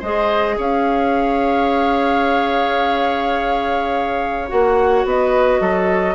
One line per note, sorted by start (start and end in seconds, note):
0.00 0.58 G#3
0.00 4.49 G#4
0.00 0.56 C5
0.00 0.58 D#5
0.58 4.51 C#4
0.58 5.07 C#5
0.58 4.49 F5
4.49 5.05 A#3
4.49 6.15 F#4
4.49 5.05 F#5
5.05 5.61 B3
5.05 5.61 B4
5.05 6.15 D#5
5.61 6.15 F#3
5.61 6.15 A4